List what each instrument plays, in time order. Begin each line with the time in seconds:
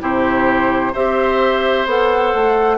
0.00 bassoon C3, clarinet E4, oboe G4, flute C5
0.92 bassoon C4, clarinet G4, oboe C5, flute E5
1.86 bassoon B3, clarinet A4, flute F#5
2.35 bassoon A3